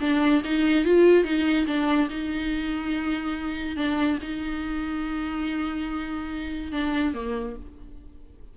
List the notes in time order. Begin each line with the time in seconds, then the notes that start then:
0.00 D4
0.44 D#4
0.84 F4
1.24 D#4
1.66 D4
2.09 D#4
3.76 D4
4.21 D#4
6.72 D4
7.13 A#3